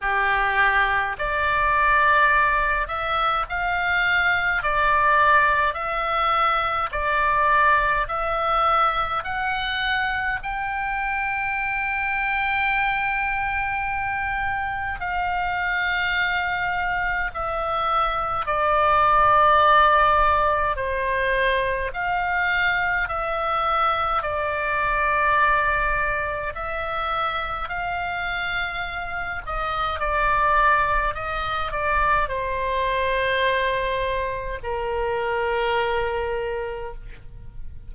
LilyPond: \new Staff \with { instrumentName = "oboe" } { \time 4/4 \tempo 4 = 52 g'4 d''4. e''8 f''4 | d''4 e''4 d''4 e''4 | fis''4 g''2.~ | g''4 f''2 e''4 |
d''2 c''4 f''4 | e''4 d''2 e''4 | f''4. dis''8 d''4 dis''8 d''8 | c''2 ais'2 | }